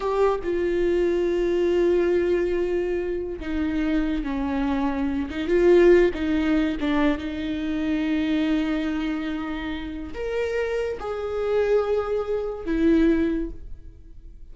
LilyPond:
\new Staff \with { instrumentName = "viola" } { \time 4/4 \tempo 4 = 142 g'4 f'2.~ | f'1 | dis'2 cis'2~ | cis'8 dis'8 f'4. dis'4. |
d'4 dis'2.~ | dis'1 | ais'2 gis'2~ | gis'2 e'2 | }